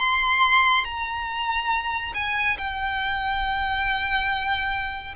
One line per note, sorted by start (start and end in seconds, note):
0.00 0.85 C6
0.85 2.14 A#5
2.15 2.58 G#5
2.58 5.15 G5